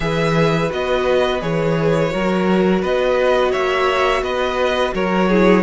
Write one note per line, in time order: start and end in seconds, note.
0.00 0.70 E3
0.00 0.69 G#4
0.00 2.12 B4
0.00 0.71 E5
0.69 1.42 B3
0.69 1.40 F#4
0.69 1.41 D#5
1.40 2.12 E3
1.40 2.10 G#4
1.40 2.82 C#5
2.10 2.82 F#3
2.10 5.27 F#4
2.10 2.81 A#4
2.81 3.53 B3
2.81 3.51 B4
2.81 3.52 D#5
3.51 4.21 A#3
3.51 4.22 C#5
3.51 4.23 E5
4.21 4.92 B3
4.21 4.94 B4
4.21 4.93 D#5
4.94 5.63 F#3
4.94 5.29 A#4
4.94 5.63 C#5
5.29 5.63 E4
5.29 5.63 G#4